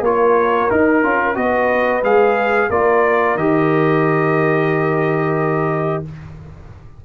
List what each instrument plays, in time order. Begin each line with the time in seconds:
0.00 tuba A#3, trombone F4, horn A#4, trumpet C#5
0.70 trombone D#4, tuba D#4, trumpet A#4
1.03 tuba C#4, trombone F4
1.35 tuba B3, trombone F#4, horn B4, trumpet D#5
2.02 tuba G#3, trombone G#4, trumpet F5
2.69 tuba A#3, trombone F4, horn A#4, trumpet D5
3.35 tuba D#3, trombone G4, trumpet D#5